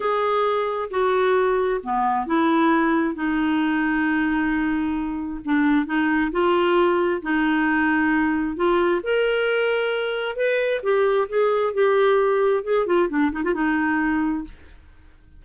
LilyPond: \new Staff \with { instrumentName = "clarinet" } { \time 4/4 \tempo 4 = 133 gis'2 fis'2 | b4 e'2 dis'4~ | dis'1 | d'4 dis'4 f'2 |
dis'2. f'4 | ais'2. b'4 | g'4 gis'4 g'2 | gis'8 f'8 d'8 dis'16 f'16 dis'2 | }